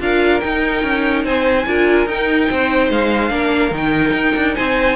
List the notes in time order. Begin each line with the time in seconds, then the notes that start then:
0.00 D4 F4 A#4 F5
0.40 D#4 G5
0.83 C#4
1.24 C4 C5 G#5
1.66 D4 F4 A#4
2.06 D#4 G5
2.49 C4 C5
2.89 G#3 F5
3.29 A#3 D4 A#4
3.71 D#3 D#4 G5
4.13 D#4
4.36 D4
4.55 C4 C5 G#5